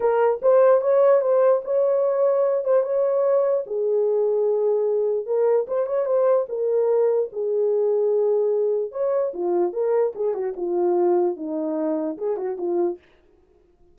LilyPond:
\new Staff \with { instrumentName = "horn" } { \time 4/4 \tempo 4 = 148 ais'4 c''4 cis''4 c''4 | cis''2~ cis''8 c''8 cis''4~ | cis''4 gis'2.~ | gis'4 ais'4 c''8 cis''8 c''4 |
ais'2 gis'2~ | gis'2 cis''4 f'4 | ais'4 gis'8 fis'8 f'2 | dis'2 gis'8 fis'8 f'4 | }